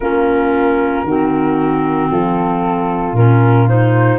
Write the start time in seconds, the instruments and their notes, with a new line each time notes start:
0.00 tuba A#3, clarinet C#4, horn F4, flute A#4
1.03 tuba D#3, clarinet C4, horn F#4
2.10 tuba F3, horn F4, flute A4
3.12 tuba A#2, clarinet C#4, flute A#4
3.68 clarinet D#4, flute C5